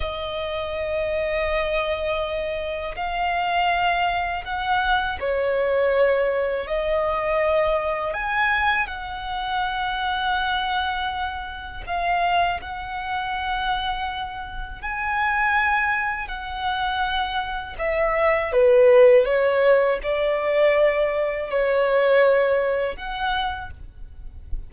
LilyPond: \new Staff \with { instrumentName = "violin" } { \time 4/4 \tempo 4 = 81 dis''1 | f''2 fis''4 cis''4~ | cis''4 dis''2 gis''4 | fis''1 |
f''4 fis''2. | gis''2 fis''2 | e''4 b'4 cis''4 d''4~ | d''4 cis''2 fis''4 | }